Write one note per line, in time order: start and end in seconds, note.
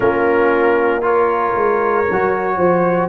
0.00 1.53 A#3
0.00 1.01 C#4
0.00 1.03 F4
0.00 1.03 A#4
1.01 2.05 F4
1.01 2.56 A#4
1.01 3.08 C#5
1.55 2.06 G#3
2.10 2.57 F#3
2.10 3.08 F#4
2.56 3.08 F3
2.56 3.08 C5